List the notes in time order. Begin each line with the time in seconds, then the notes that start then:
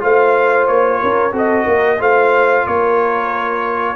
0.00 A3 F4 C5 F5
0.67 A#3 C#5
1.01 C#4 A#4
1.32 C4 F#4 A4 D#5
1.64 A#3 A#4
1.99 A3 F4 C5 F5
2.67 A#3 A#4 C#5